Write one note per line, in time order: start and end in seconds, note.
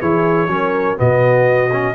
0.00 0.47 E3
0.00 0.48 E4
0.00 0.49 G#4
0.00 0.98 C#5
0.47 0.96 F#3
0.47 0.97 C#4
0.47 0.98 A#4
0.97 1.94 B2
0.97 1.70 B3
0.97 1.94 F#4
0.97 1.94 D#5
1.72 1.94 C#4